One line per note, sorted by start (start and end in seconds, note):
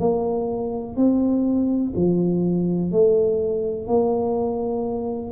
0.00 0.97 A#3
0.97 1.94 C4
1.96 2.92 F3
2.92 3.88 A3
3.88 5.32 A#3